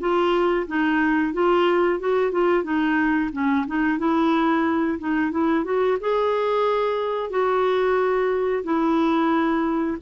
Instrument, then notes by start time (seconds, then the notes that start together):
clarinet
0.00 F4
0.67 D#4
1.33 F4
2.00 F#4
2.32 F4
2.64 D#4
3.32 C#4
3.67 D#4
3.98 E4
4.99 D#4
5.31 E4
5.64 F#4
6.00 G#4
7.30 F#4
8.64 E4